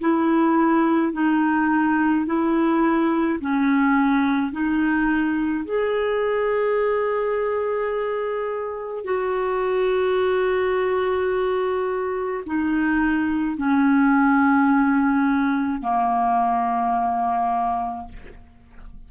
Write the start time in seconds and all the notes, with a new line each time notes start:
0.00 E4
1.13 D#4
2.26 E4
3.40 C#4
4.52 D#4
5.64 G#4
9.04 F#4
12.46 D#4
13.57 C#4
15.81 A#3